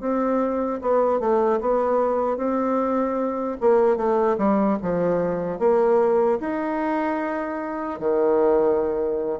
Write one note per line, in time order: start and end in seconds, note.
0.00 0.80 C4
0.81 1.20 B3
1.20 1.60 A3
1.60 2.37 B3
2.37 3.57 C4
3.60 3.97 A#3
3.97 4.37 A3
4.38 4.78 G3
4.82 5.59 F3
5.59 6.39 A#3
6.40 7.99 D#4
7.99 9.39 D#3